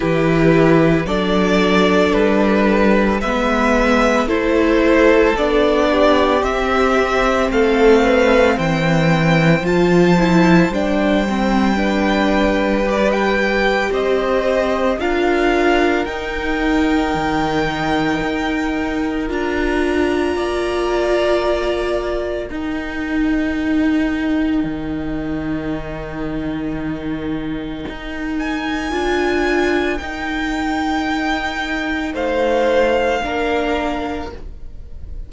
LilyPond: <<
  \new Staff \with { instrumentName = "violin" } { \time 4/4 \tempo 4 = 56 b'4 d''4 b'4 e''4 | c''4 d''4 e''4 f''4 | g''4 a''4 g''2 | d''16 g''8. dis''4 f''4 g''4~ |
g''2 ais''2~ | ais''4 g''2.~ | g''2~ g''8 gis''4. | g''2 f''2 | }
  \new Staff \with { instrumentName = "violin" } { \time 4/4 g'4 a'2 b'4 | a'4. g'4. a'8 b'8 | c''2. b'4~ | b'4 c''4 ais'2~ |
ais'2. d''4~ | d''4 ais'2.~ | ais'1~ | ais'2 c''4 ais'4 | }
  \new Staff \with { instrumentName = "viola" } { \time 4/4 e'4 d'2 b4 | e'4 d'4 c'2~ | c'4 f'8 e'8 d'8 c'8 d'4 | g'2 f'4 dis'4~ |
dis'2 f'2~ | f'4 dis'2.~ | dis'2. f'4 | dis'2. d'4 | }
  \new Staff \with { instrumentName = "cello" } { \time 4/4 e4 fis4 g4 gis4 | a4 b4 c'4 a4 | e4 f4 g2~ | g4 c'4 d'4 dis'4 |
dis4 dis'4 d'4 ais4~ | ais4 dis'2 dis4~ | dis2 dis'4 d'4 | dis'2 a4 ais4 | }
>>